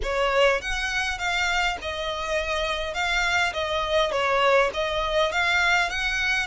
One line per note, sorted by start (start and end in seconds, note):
0.02 0.61 C#5
0.61 1.18 F#5
1.18 1.77 F5
1.81 2.94 D#5
2.94 3.53 F5
3.53 4.11 D#5
4.11 4.70 C#5
4.73 5.32 D#5
5.32 5.89 F5
5.89 6.47 F#5